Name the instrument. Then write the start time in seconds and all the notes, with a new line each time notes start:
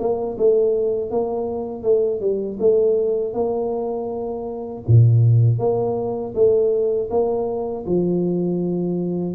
tuba
0.00 A#3
0.38 A3
1.11 A#3
1.83 A3
2.21 G3
2.60 A3
3.34 A#3
4.88 A#2
5.59 A#3
6.35 A3
7.10 A#3
7.86 F3